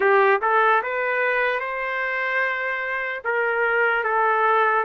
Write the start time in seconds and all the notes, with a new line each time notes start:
0.00 G4
0.41 A4
0.82 B4
1.60 C5
3.24 A#4
4.04 A4